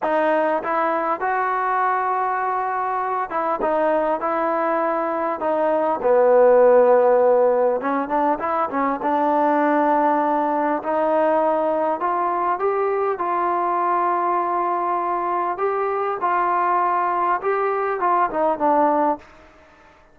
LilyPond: \new Staff \with { instrumentName = "trombone" } { \time 4/4 \tempo 4 = 100 dis'4 e'4 fis'2~ | fis'4. e'8 dis'4 e'4~ | e'4 dis'4 b2~ | b4 cis'8 d'8 e'8 cis'8 d'4~ |
d'2 dis'2 | f'4 g'4 f'2~ | f'2 g'4 f'4~ | f'4 g'4 f'8 dis'8 d'4 | }